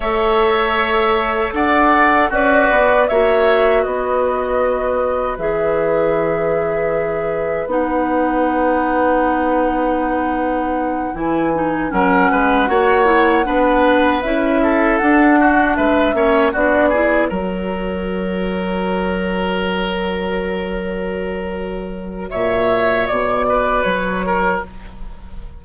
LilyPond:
<<
  \new Staff \with { instrumentName = "flute" } { \time 4/4 \tempo 4 = 78 e''2 fis''4 d''4 | e''4 dis''2 e''4~ | e''2 fis''2~ | fis''2~ fis''8 gis''4 fis''8~ |
fis''2~ fis''8 e''4 fis''8~ | fis''8 e''4 d''4 cis''4.~ | cis''1~ | cis''4 e''4 d''4 cis''4 | }
  \new Staff \with { instrumentName = "oboe" } { \time 4/4 cis''2 d''4 fis'4 | cis''4 b'2.~ | b'1~ | b'2.~ b'8 ais'8 |
b'8 cis''4 b'4. a'4 | fis'8 b'8 cis''8 fis'8 gis'8 ais'4.~ | ais'1~ | ais'4 cis''4. b'4 ais'8 | }
  \new Staff \with { instrumentName = "clarinet" } { \time 4/4 a'2. b'4 | fis'2. gis'4~ | gis'2 dis'2~ | dis'2~ dis'8 e'8 dis'8 cis'8~ |
cis'8 fis'8 e'8 d'4 e'4 d'8~ | d'4 cis'8 d'8 e'8 fis'4.~ | fis'1~ | fis'1 | }
  \new Staff \with { instrumentName = "bassoon" } { \time 4/4 a2 d'4 cis'8 b8 | ais4 b2 e4~ | e2 b2~ | b2~ b8 e4 fis8 |
gis8 ais4 b4 cis'4 d'8~ | d'8 gis8 ais8 b4 fis4.~ | fis1~ | fis4 ais,4 b,4 fis4 | }
>>